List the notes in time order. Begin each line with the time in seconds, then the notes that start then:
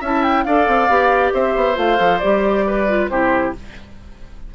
0.00 C#4 E4 E5 A5
0.23 G5
0.44 D4 A4 D5 F5
0.67 C4
0.88 B3 G4
1.33 C4 C5 E5
1.56 B3
1.75 A3 F4 F5
1.96 F3 A4
2.18 G3 G4 D5
2.66 B4
2.88 F4
3.09 C3 E4 G4 C5